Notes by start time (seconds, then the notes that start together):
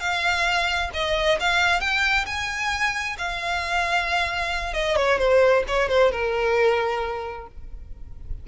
0.00 F5
0.94 D#5
1.40 F5
1.80 G5
2.26 G#5
3.18 F5
4.74 D#5
4.96 C#5
5.19 C5
5.68 C#5
5.89 C5
6.12 A#4